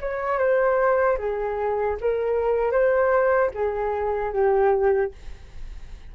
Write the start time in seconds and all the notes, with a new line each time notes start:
0.00 C#5
0.38 C5
1.18 G#4
2.01 A#4
2.71 C5
3.54 G#4
4.32 G4